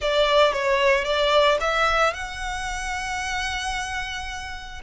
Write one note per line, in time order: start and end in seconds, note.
0.01 0.53 D5
0.53 1.04 C#5
1.04 1.58 D5
1.60 2.13 E5
2.13 4.81 F#5